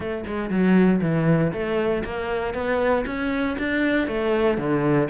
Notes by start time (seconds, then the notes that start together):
0.00 A3
0.26 G#3
0.50 F#3
1.01 E3
1.53 A3
2.04 A#3
2.54 B3
3.06 C#4
3.58 D4
4.07 A3
4.57 D3